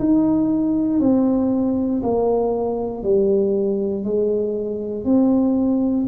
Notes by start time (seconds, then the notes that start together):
0.00 D#4
1.00 C4
2.03 A#3
3.04 G3
4.05 G#3
5.05 C4